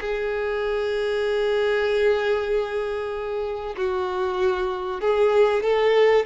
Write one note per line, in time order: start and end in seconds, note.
0.00 3.75 G#4
3.77 5.00 F#4
5.00 5.62 G#4
5.62 6.25 A4